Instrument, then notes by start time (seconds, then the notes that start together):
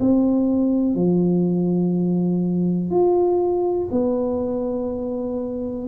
tuba
0.00 C4
0.94 F3
2.90 F4
3.91 B3